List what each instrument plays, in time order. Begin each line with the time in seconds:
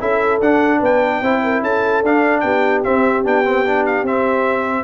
0.00 tuba C#4, trombone E4, horn A4, trumpet E5
0.40 tuba D4, trombone D4, trumpet F#5
0.78 tuba B3, horn B4
0.84 trumpet G5
1.21 tuba C4, trombone E4, horn C5
1.43 horn A#4
1.62 tuba C#4, horn A4, trumpet A5
2.02 tuba D4, trombone D4, trumpet F5
2.40 tuba B3, horn G4, trumpet G5
2.83 trombone C4, tuba C4, trumpet E5
3.24 tuba B3, trombone D4, trumpet G5
3.45 trombone C4
3.65 trombone D4
3.85 trumpet F5
4.03 tuba C4, trombone C4, trumpet E5